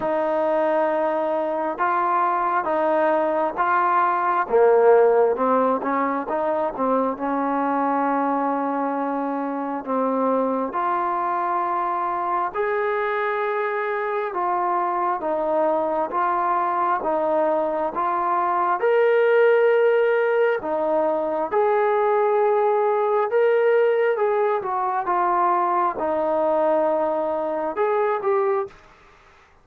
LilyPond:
\new Staff \with { instrumentName = "trombone" } { \time 4/4 \tempo 4 = 67 dis'2 f'4 dis'4 | f'4 ais4 c'8 cis'8 dis'8 c'8 | cis'2. c'4 | f'2 gis'2 |
f'4 dis'4 f'4 dis'4 | f'4 ais'2 dis'4 | gis'2 ais'4 gis'8 fis'8 | f'4 dis'2 gis'8 g'8 | }